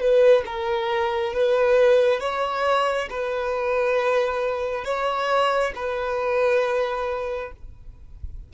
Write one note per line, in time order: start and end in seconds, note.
0.00 0.44 B4
0.46 1.34 A#4
1.34 2.21 B4
2.21 3.09 C#5
3.10 4.85 B4
4.85 5.73 C#5
5.76 7.52 B4